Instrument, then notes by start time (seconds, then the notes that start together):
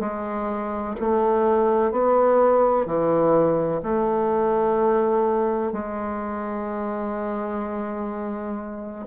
bassoon
0.00 G#3
1.00 A3
1.91 B3
2.86 E3
3.82 A3
5.72 G#3